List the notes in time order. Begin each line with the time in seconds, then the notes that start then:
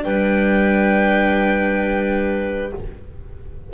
0.00 G3 D4 B4 G5